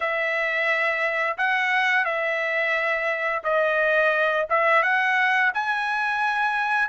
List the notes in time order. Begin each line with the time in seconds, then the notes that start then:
0.00 E5
1.37 F#5
2.04 E5
3.43 D#5
4.49 E5
4.82 F#5
5.54 G#5